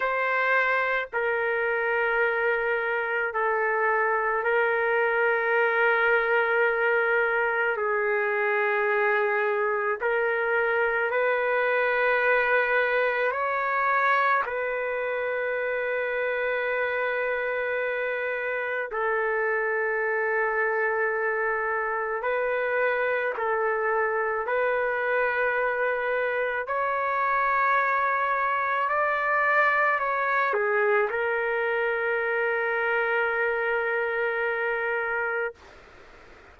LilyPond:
\new Staff \with { instrumentName = "trumpet" } { \time 4/4 \tempo 4 = 54 c''4 ais'2 a'4 | ais'2. gis'4~ | gis'4 ais'4 b'2 | cis''4 b'2.~ |
b'4 a'2. | b'4 a'4 b'2 | cis''2 d''4 cis''8 gis'8 | ais'1 | }